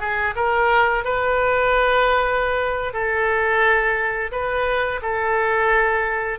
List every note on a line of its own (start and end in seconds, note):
0.00 0.34 G#4
0.35 1.04 A#4
1.04 2.93 B4
2.93 4.31 A4
4.32 5.01 B4
5.02 6.39 A4